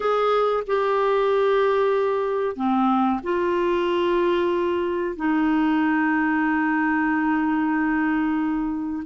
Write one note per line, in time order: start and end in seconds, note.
0.00 0.63 G#4
0.67 2.56 G4
2.56 3.20 C4
3.23 5.16 F4
5.16 9.03 D#4